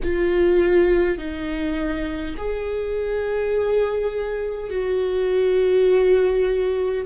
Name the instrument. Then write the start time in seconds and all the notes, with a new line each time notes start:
viola
0.03 F4
1.18 D#4
2.37 G#4
4.70 F#4